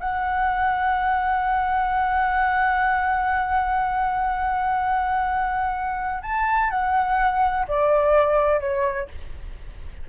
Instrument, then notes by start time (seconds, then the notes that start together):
flute
0.00 F#5
6.22 A5
6.70 F#5
7.68 D5
8.60 C#5